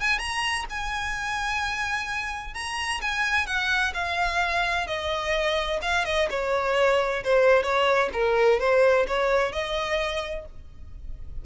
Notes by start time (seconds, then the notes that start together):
0.00 G#5
0.18 A#5
0.70 G#5
2.54 A#5
3.01 G#5
3.46 F#5
3.94 F5
4.87 D#5
5.82 F5
6.05 D#5
6.30 C#5
7.23 C5
7.63 C#5
8.13 A#4
8.60 C5
9.07 C#5
9.52 D#5